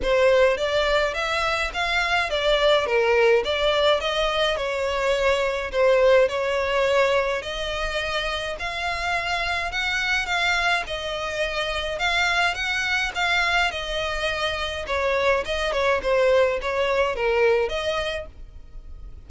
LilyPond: \new Staff \with { instrumentName = "violin" } { \time 4/4 \tempo 4 = 105 c''4 d''4 e''4 f''4 | d''4 ais'4 d''4 dis''4 | cis''2 c''4 cis''4~ | cis''4 dis''2 f''4~ |
f''4 fis''4 f''4 dis''4~ | dis''4 f''4 fis''4 f''4 | dis''2 cis''4 dis''8 cis''8 | c''4 cis''4 ais'4 dis''4 | }